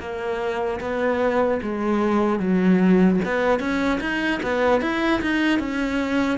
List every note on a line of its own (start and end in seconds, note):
0.00 0.80 A#3
0.80 1.60 B3
1.63 2.39 G#3
2.39 3.19 F#3
3.25 3.60 B3
3.60 4.00 C#4
4.00 4.40 D#4
4.43 4.81 B3
4.81 5.21 E4
5.21 5.59 D#4
5.59 6.38 C#4